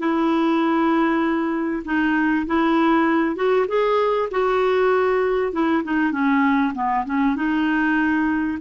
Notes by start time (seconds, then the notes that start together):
0.00 E4
1.85 D#4
2.47 E4
3.36 F#4
3.68 G#4
4.31 F#4
5.53 E4
5.84 D#4
6.12 C#4
6.75 B3
7.06 C#4
7.36 D#4